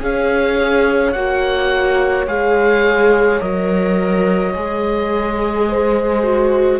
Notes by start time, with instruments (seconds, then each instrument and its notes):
0.00 cello C#4, viola G#4, horn C#5, oboe F5
1.12 cello A#3, viola F#4, oboe F#5
2.27 cello G#3, viola G#4, oboe F5
3.40 cello F#3, viola A#4, oboe D#5
4.54 cello G#3, viola G#4
5.68 horn C5
6.23 viola F#4